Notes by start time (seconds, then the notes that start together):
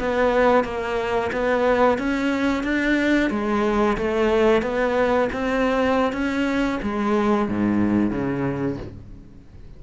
0.00 B3
0.65 A#3
1.33 B3
1.98 C#4
2.64 D4
3.31 G#3
3.98 A3
4.63 B3
5.33 C4
6.13 C#4
6.83 G#3
7.49 G#2
8.11 C#3